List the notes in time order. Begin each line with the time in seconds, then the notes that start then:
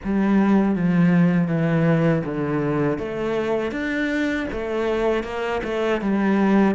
0.04 G3
0.75 F3
1.47 E3
2.24 D3
2.98 A3
3.71 D4
4.51 A3
5.23 A#3
5.63 A3
6.01 G3